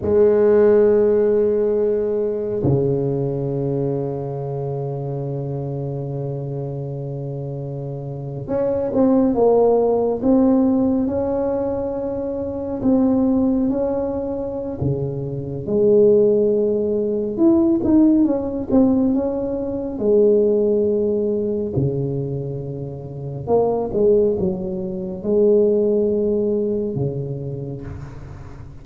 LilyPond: \new Staff \with { instrumentName = "tuba" } { \time 4/4 \tempo 4 = 69 gis2. cis4~ | cis1~ | cis4.~ cis16 cis'8 c'8 ais4 c'16~ | c'8. cis'2 c'4 cis'16~ |
cis'4 cis4 gis2 | e'8 dis'8 cis'8 c'8 cis'4 gis4~ | gis4 cis2 ais8 gis8 | fis4 gis2 cis4 | }